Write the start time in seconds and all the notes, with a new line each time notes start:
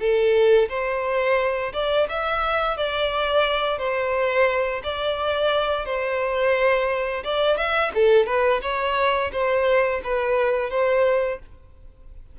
0.00 A4
0.69 C5
1.73 D5
2.09 E5
2.77 D5
3.79 C5
4.84 D5
5.86 C5
7.24 D5
7.57 E5
7.95 A4
8.27 B4
8.62 C#5
9.32 C5
10.04 B4
10.71 C5